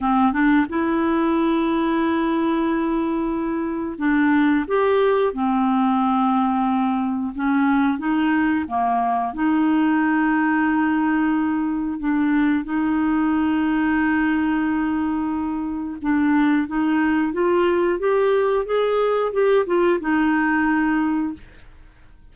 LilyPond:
\new Staff \with { instrumentName = "clarinet" } { \time 4/4 \tempo 4 = 90 c'8 d'8 e'2.~ | e'2 d'4 g'4 | c'2. cis'4 | dis'4 ais4 dis'2~ |
dis'2 d'4 dis'4~ | dis'1 | d'4 dis'4 f'4 g'4 | gis'4 g'8 f'8 dis'2 | }